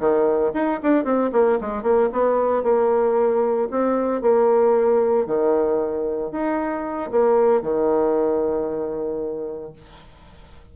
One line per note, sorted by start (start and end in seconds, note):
0.00 0.53 D#3
0.54 0.80 D#4
0.83 1.05 D4
1.05 1.31 C4
1.33 1.59 A#3
1.61 1.83 G#3
1.83 2.10 A#3
2.13 2.64 B3
2.64 3.69 A#3
3.71 4.22 C4
4.22 5.27 A#3
5.27 6.32 D#3
6.32 7.11 D#4
7.12 7.63 A#3
7.63 9.73 D#3